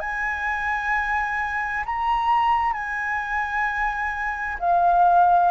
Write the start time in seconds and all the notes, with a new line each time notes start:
0.00 G#5
1.86 A#5
2.73 G#5
4.60 F5